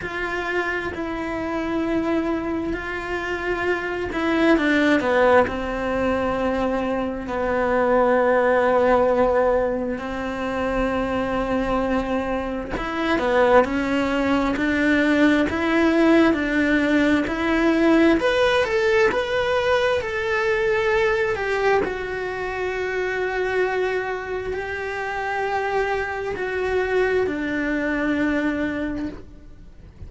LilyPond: \new Staff \with { instrumentName = "cello" } { \time 4/4 \tempo 4 = 66 f'4 e'2 f'4~ | f'8 e'8 d'8 b8 c'2 | b2. c'4~ | c'2 e'8 b8 cis'4 |
d'4 e'4 d'4 e'4 | b'8 a'8 b'4 a'4. g'8 | fis'2. g'4~ | g'4 fis'4 d'2 | }